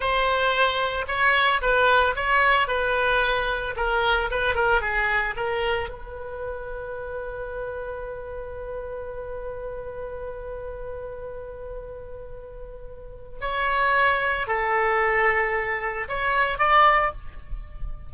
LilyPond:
\new Staff \with { instrumentName = "oboe" } { \time 4/4 \tempo 4 = 112 c''2 cis''4 b'4 | cis''4 b'2 ais'4 | b'8 ais'8 gis'4 ais'4 b'4~ | b'1~ |
b'1~ | b'1~ | b'4 cis''2 a'4~ | a'2 cis''4 d''4 | }